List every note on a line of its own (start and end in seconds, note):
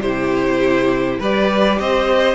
0.00 1.19 C3
0.00 1.23 E4
0.00 1.19 G4
0.00 1.20 C5
1.19 1.79 G3
1.19 2.35 G4
1.19 1.78 B4
1.19 1.79 D5
1.79 2.35 C4
1.79 2.35 C5
1.79 2.35 D#5